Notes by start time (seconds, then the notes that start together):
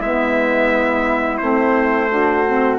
0.00 G#3 B3 E4 E5
1.38 A3 C4 C5
2.10 D4 F#4
2.47 C4